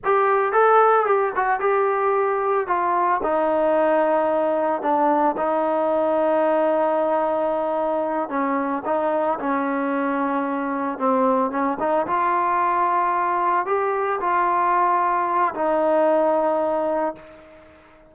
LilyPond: \new Staff \with { instrumentName = "trombone" } { \time 4/4 \tempo 4 = 112 g'4 a'4 g'8 fis'8 g'4~ | g'4 f'4 dis'2~ | dis'4 d'4 dis'2~ | dis'2.~ dis'8 cis'8~ |
cis'8 dis'4 cis'2~ cis'8~ | cis'8 c'4 cis'8 dis'8 f'4.~ | f'4. g'4 f'4.~ | f'4 dis'2. | }